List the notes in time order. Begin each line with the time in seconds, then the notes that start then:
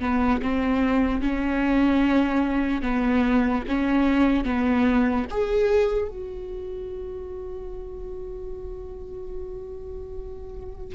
0.00 B3
0.42 C4
1.21 C#4
2.82 B3
3.68 C#4
4.44 B3
5.30 G#4
6.08 F#4